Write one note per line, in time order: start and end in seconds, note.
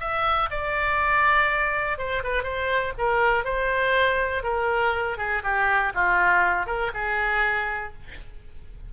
0.00 0.50 E5
0.50 1.98 D5
1.98 2.23 C5
2.24 2.43 B4
2.43 2.93 C5
2.98 3.44 A#4
3.44 4.43 C5
4.43 5.18 A#4
5.18 5.43 G#4
5.43 5.93 G4
5.95 6.67 F4
6.67 6.92 A#4
6.94 7.93 G#4